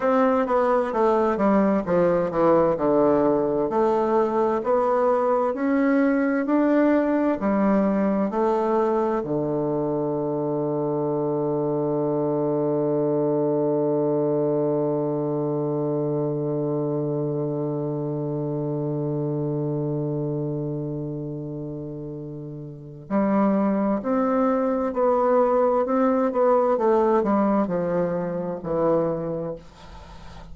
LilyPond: \new Staff \with { instrumentName = "bassoon" } { \time 4/4 \tempo 4 = 65 c'8 b8 a8 g8 f8 e8 d4 | a4 b4 cis'4 d'4 | g4 a4 d2~ | d1~ |
d1~ | d1~ | d4 g4 c'4 b4 | c'8 b8 a8 g8 f4 e4 | }